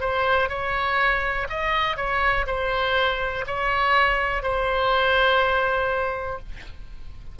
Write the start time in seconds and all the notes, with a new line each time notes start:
0.00 C5
0.49 C#5
1.49 D#5
1.96 C#5
2.47 C5
3.46 C#5
4.42 C5